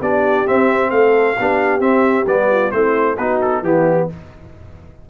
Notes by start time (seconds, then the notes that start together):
0.00 B3 D4 G4 D5
0.46 C4 E5
0.90 A3 A4 F5
1.38 B3 D4 G4
1.80 C4 E5
2.26 G3 B3 D5
2.51 F4
2.71 A3 C4 E4 C5
3.17 B3 D#4 F#4 B4
3.41 A4
3.62 E3 B3 E4 G4